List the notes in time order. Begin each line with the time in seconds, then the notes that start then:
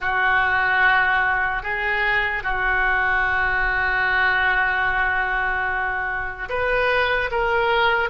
0.00 F#4
1.63 G#4
2.43 F#4
6.49 B4
7.31 A#4